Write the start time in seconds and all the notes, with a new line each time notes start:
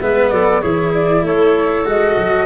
0.00 G#3 B3 B4 E5
0.30 F#3 A4 D5
0.61 E3 E4 G#4 C#5
0.94 D5
1.23 A3 A4 C#5
1.85 G#3 F#4 D#5
2.18 F#3